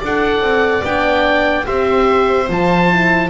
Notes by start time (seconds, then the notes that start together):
0.00 D4 A4 D5 F#5
0.41 C4
0.83 B3 D4 G5
1.64 C4 G4 C5 E5
2.48 F3 F4 A5
2.90 E4